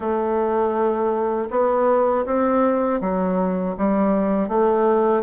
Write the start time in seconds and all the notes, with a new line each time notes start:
0.00 A3
1.50 B3
2.25 C4
3.00 F#3
3.77 G3
4.48 A3